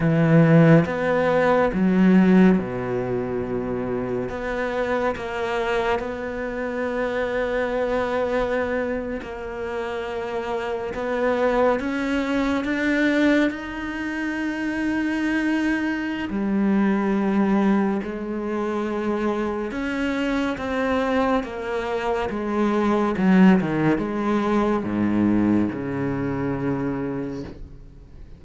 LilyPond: \new Staff \with { instrumentName = "cello" } { \time 4/4 \tempo 4 = 70 e4 b4 fis4 b,4~ | b,4 b4 ais4 b4~ | b2~ b8. ais4~ ais16~ | ais8. b4 cis'4 d'4 dis'16~ |
dis'2. g4~ | g4 gis2 cis'4 | c'4 ais4 gis4 fis8 dis8 | gis4 gis,4 cis2 | }